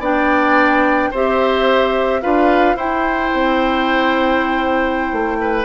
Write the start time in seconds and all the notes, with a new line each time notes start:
0.00 B3 D4 D5 G5
1.11 C4 G4 C5 E5
2.22 D4 F4 B4 F5
2.75 E4 C5 G5
3.34 C4
5.13 A3
5.41 B4